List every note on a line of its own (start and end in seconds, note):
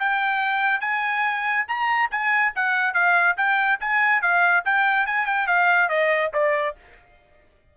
0.00 0.81 G5
0.81 1.66 G#5
1.68 2.11 A#5
2.11 2.54 G#5
2.56 2.94 F#5
2.94 3.37 F5
3.38 3.80 G5
3.81 4.22 G#5
4.22 4.65 F5
4.66 5.07 G5
5.07 5.26 G#5
5.26 5.47 G5
5.47 5.90 F5
5.90 6.32 D#5
6.34 6.76 D5